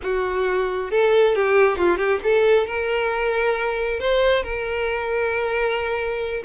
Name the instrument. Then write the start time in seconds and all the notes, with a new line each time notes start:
violin
0.02 F#4
0.91 A4
1.35 G4
1.77 F4
1.97 G4
2.23 A4
2.66 A#4
3.99 C5
4.43 A#4